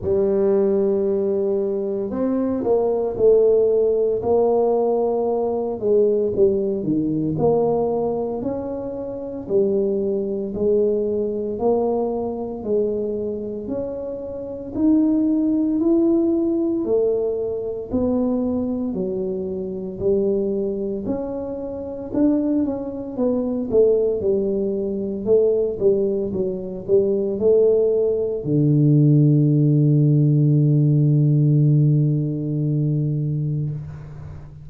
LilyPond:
\new Staff \with { instrumentName = "tuba" } { \time 4/4 \tempo 4 = 57 g2 c'8 ais8 a4 | ais4. gis8 g8 dis8 ais4 | cis'4 g4 gis4 ais4 | gis4 cis'4 dis'4 e'4 |
a4 b4 fis4 g4 | cis'4 d'8 cis'8 b8 a8 g4 | a8 g8 fis8 g8 a4 d4~ | d1 | }